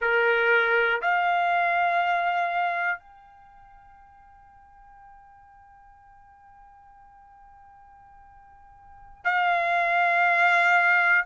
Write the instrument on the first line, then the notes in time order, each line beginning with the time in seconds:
trumpet
0.00 A#4
1.01 F5
2.99 G5
9.24 F5